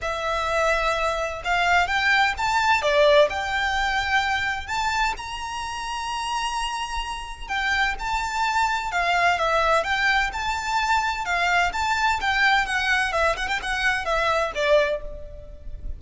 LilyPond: \new Staff \with { instrumentName = "violin" } { \time 4/4 \tempo 4 = 128 e''2. f''4 | g''4 a''4 d''4 g''4~ | g''2 a''4 ais''4~ | ais''1 |
g''4 a''2 f''4 | e''4 g''4 a''2 | f''4 a''4 g''4 fis''4 | e''8 fis''16 g''16 fis''4 e''4 d''4 | }